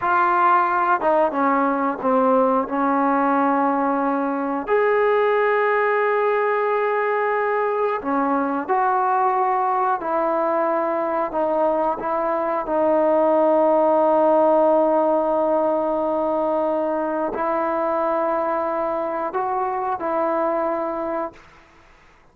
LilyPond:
\new Staff \with { instrumentName = "trombone" } { \time 4/4 \tempo 4 = 90 f'4. dis'8 cis'4 c'4 | cis'2. gis'4~ | gis'1 | cis'4 fis'2 e'4~ |
e'4 dis'4 e'4 dis'4~ | dis'1~ | dis'2 e'2~ | e'4 fis'4 e'2 | }